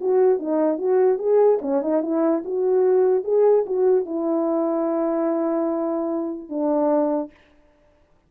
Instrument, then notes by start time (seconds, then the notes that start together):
horn
0.00 F#4
0.39 D#4
0.78 F#4
1.18 G#4
1.61 C#4
1.82 D#4
2.02 E4
2.45 F#4
3.24 G#4
3.66 F#4
4.05 E4
6.49 D4